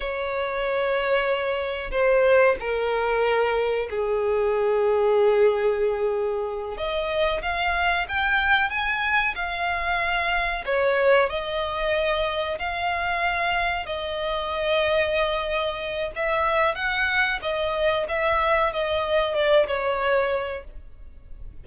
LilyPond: \new Staff \with { instrumentName = "violin" } { \time 4/4 \tempo 4 = 93 cis''2. c''4 | ais'2 gis'2~ | gis'2~ gis'8 dis''4 f''8~ | f''8 g''4 gis''4 f''4.~ |
f''8 cis''4 dis''2 f''8~ | f''4. dis''2~ dis''8~ | dis''4 e''4 fis''4 dis''4 | e''4 dis''4 d''8 cis''4. | }